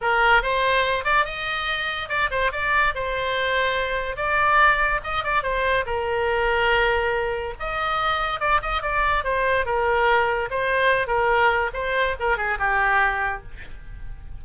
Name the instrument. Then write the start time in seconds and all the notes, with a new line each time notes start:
oboe
0.01 A#4
0.42 C5
1.04 D5
1.25 D#5
2.08 D5
2.30 C5
2.52 D5
2.94 C5
4.16 D5
5.03 D#5
5.24 D5
5.42 C5
5.86 A#4
7.59 D#5
8.39 D5
8.61 D#5
8.81 D5
9.24 C5
9.65 A#4
10.50 C5
11.07 A#4
11.73 C5
12.19 A#4
12.37 G#4
12.58 G4